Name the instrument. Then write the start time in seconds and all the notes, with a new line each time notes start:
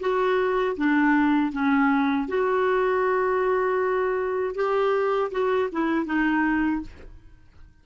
clarinet
0.00 F#4
0.76 D4
1.52 C#4
2.28 F#4
4.55 G4
5.31 F#4
5.72 E4
6.06 D#4